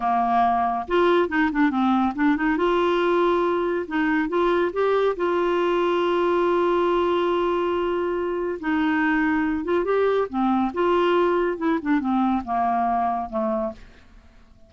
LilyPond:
\new Staff \with { instrumentName = "clarinet" } { \time 4/4 \tempo 4 = 140 ais2 f'4 dis'8 d'8 | c'4 d'8 dis'8 f'2~ | f'4 dis'4 f'4 g'4 | f'1~ |
f'1 | dis'2~ dis'8 f'8 g'4 | c'4 f'2 e'8 d'8 | c'4 ais2 a4 | }